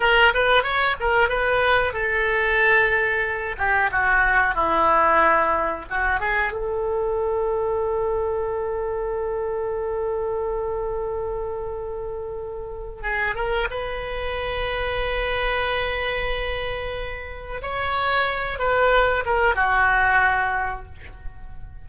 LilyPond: \new Staff \with { instrumentName = "oboe" } { \time 4/4 \tempo 4 = 92 ais'8 b'8 cis''8 ais'8 b'4 a'4~ | a'4. g'8 fis'4 e'4~ | e'4 fis'8 gis'8 a'2~ | a'1~ |
a'1 | gis'8 ais'8 b'2.~ | b'2. cis''4~ | cis''8 b'4 ais'8 fis'2 | }